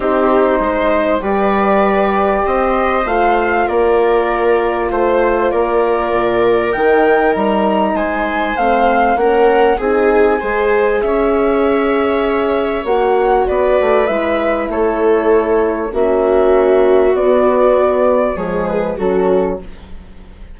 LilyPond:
<<
  \new Staff \with { instrumentName = "flute" } { \time 4/4 \tempo 4 = 98 c''2 d''2 | dis''4 f''4 d''2 | c''4 d''2 g''4 | ais''4 gis''4 f''4 fis''4 |
gis''2 e''2~ | e''4 fis''4 d''4 e''4 | cis''2 e''2 | d''2 cis''8 b'8 a'4 | }
  \new Staff \with { instrumentName = "viola" } { \time 4/4 g'4 c''4 b'2 | c''2 ais'2 | c''4 ais'2.~ | ais'4 c''2 ais'4 |
gis'4 c''4 cis''2~ | cis''2 b'2 | a'2 fis'2~ | fis'2 gis'4 fis'4 | }
  \new Staff \with { instrumentName = "horn" } { \time 4/4 dis'2 g'2~ | g'4 f'2.~ | f'2. dis'4~ | dis'2 c'4 cis'4 |
dis'4 gis'2.~ | gis'4 fis'2 e'4~ | e'2 cis'2 | b2 gis4 cis'4 | }
  \new Staff \with { instrumentName = "bassoon" } { \time 4/4 c'4 gis4 g2 | c'4 a4 ais2 | a4 ais4 ais,4 dis4 | g4 gis4 a4 ais4 |
c'4 gis4 cis'2~ | cis'4 ais4 b8 a8 gis4 | a2 ais2 | b2 f4 fis4 | }
>>